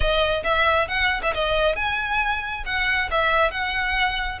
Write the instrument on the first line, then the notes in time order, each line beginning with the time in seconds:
violin
0.00 D#5
0.43 E5
0.88 F#5
1.22 E5
1.34 D#5
1.75 G#5
2.65 F#5
3.10 E5
3.50 F#5